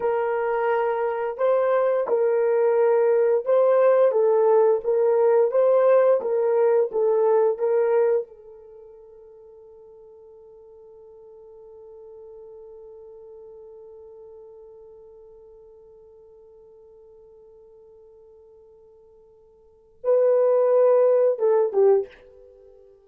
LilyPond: \new Staff \with { instrumentName = "horn" } { \time 4/4 \tempo 4 = 87 ais'2 c''4 ais'4~ | ais'4 c''4 a'4 ais'4 | c''4 ais'4 a'4 ais'4 | a'1~ |
a'1~ | a'1~ | a'1~ | a'4 b'2 a'8 g'8 | }